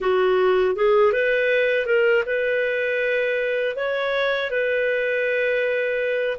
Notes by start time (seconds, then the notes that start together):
0.00 F#4
0.75 G#4
1.12 B4
1.86 A#4
2.26 B4
3.76 C#5
4.50 B4